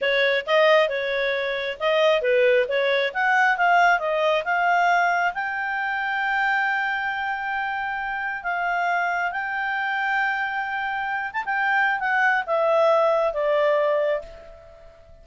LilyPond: \new Staff \with { instrumentName = "clarinet" } { \time 4/4 \tempo 4 = 135 cis''4 dis''4 cis''2 | dis''4 b'4 cis''4 fis''4 | f''4 dis''4 f''2 | g''1~ |
g''2. f''4~ | f''4 g''2.~ | g''4. a''16 g''4~ g''16 fis''4 | e''2 d''2 | }